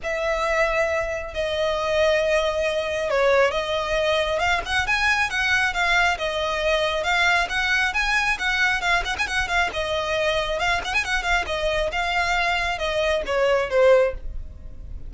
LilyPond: \new Staff \with { instrumentName = "violin" } { \time 4/4 \tempo 4 = 136 e''2. dis''4~ | dis''2. cis''4 | dis''2 f''8 fis''8 gis''4 | fis''4 f''4 dis''2 |
f''4 fis''4 gis''4 fis''4 | f''8 fis''16 gis''16 fis''8 f''8 dis''2 | f''8 fis''16 gis''16 fis''8 f''8 dis''4 f''4~ | f''4 dis''4 cis''4 c''4 | }